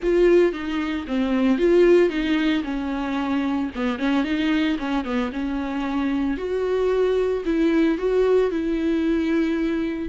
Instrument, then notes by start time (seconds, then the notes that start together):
viola
0.03 F4
0.52 D#4
1.07 C4
1.58 F4
2.09 D#4
2.63 C#4
3.75 B3
3.98 C#4
4.24 D#4
4.78 C#4
5.04 B3
5.32 C#4
6.37 F#4
7.45 E4
7.98 F#4
8.51 E4